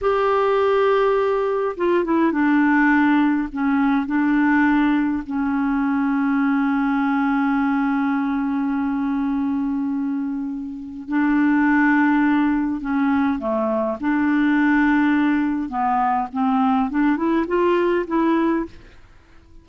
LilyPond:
\new Staff \with { instrumentName = "clarinet" } { \time 4/4 \tempo 4 = 103 g'2. f'8 e'8 | d'2 cis'4 d'4~ | d'4 cis'2.~ | cis'1~ |
cis'2. d'4~ | d'2 cis'4 a4 | d'2. b4 | c'4 d'8 e'8 f'4 e'4 | }